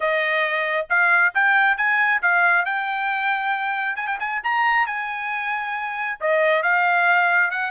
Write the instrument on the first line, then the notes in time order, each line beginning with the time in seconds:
trumpet
0.00 D#5
0.89 F5
1.34 G5
1.77 G#5
2.22 F5
2.65 G5
3.96 G#5
4.07 G5
4.19 G#5
4.43 A#5
4.86 G#5
6.20 D#5
6.62 F5
7.50 F#5